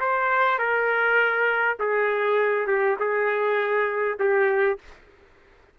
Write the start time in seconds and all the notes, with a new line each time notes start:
0.00 C5
0.59 A#4
1.80 G#4
2.67 G4
2.99 G#4
4.19 G4